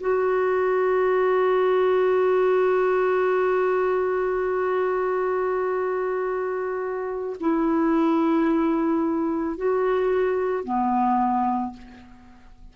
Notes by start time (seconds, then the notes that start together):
0.00 F#4
7.40 E4
9.57 F#4
10.64 B3